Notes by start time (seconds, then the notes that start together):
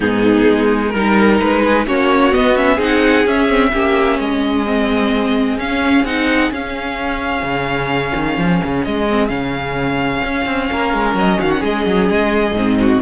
0.00 G#2 B3 D#4 G#4
0.49 G#3
0.89 G3 A#4
0.95 D#4
1.39 G#3 B4
1.62 G#4
1.86 A#3 C#4 F#4 C#5
2.32 B3 D#5
2.55 C#4 E5
2.74 C4 D#4 G#4
2.82 F#5
3.25 C#4 E5
3.49 C4
3.72 A#3 C#4 G4
4.18 G#3 G#4 D#5
4.66 C4
5.57 C#4 F5
6.03 C4 D#4 F#5
6.51 C#4 F5
7.42 C#3
8.15 D#3
8.37 F3
8.64 C#3
8.84 G#3 D#5
9.09 C4
9.28 C#3 C#4 F5
10.23 C#4
10.45 C4
10.71 A#3 A#4
10.93 G#3
11.14 F#3 D#5
11.38 D#3 F#4 F5
11.51 F#5
11.59 G#3 G#4 D#5
11.86 F#3
12.09 G#3
12.51 G#2 C4
12.79 F#4